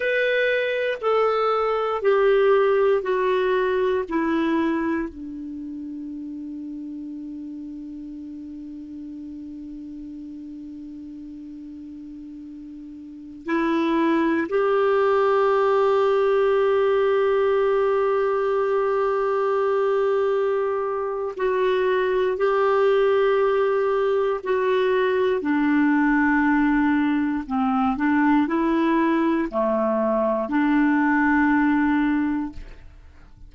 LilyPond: \new Staff \with { instrumentName = "clarinet" } { \time 4/4 \tempo 4 = 59 b'4 a'4 g'4 fis'4 | e'4 d'2.~ | d'1~ | d'4~ d'16 e'4 g'4.~ g'16~ |
g'1~ | g'4 fis'4 g'2 | fis'4 d'2 c'8 d'8 | e'4 a4 d'2 | }